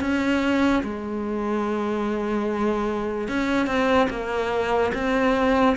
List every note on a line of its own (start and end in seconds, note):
0.00 0.82 C#4
0.83 3.28 G#3
3.28 3.67 C#4
3.67 4.08 C4
4.10 4.92 A#3
4.94 5.76 C4